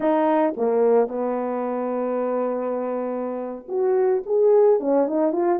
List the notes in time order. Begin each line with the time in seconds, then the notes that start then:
0.00 D#4
0.56 A#3
1.08 B3
3.68 F#4
4.26 G#4
4.80 C#4
5.07 D#4
5.32 F4